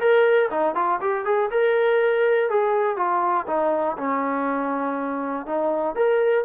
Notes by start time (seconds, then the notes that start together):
0.00 A#4
0.51 D#4
0.75 F4
1.01 G4
1.25 G#4
1.51 A#4
2.50 G#4
2.97 F4
3.47 D#4
3.98 C#4
5.47 D#4
5.96 A#4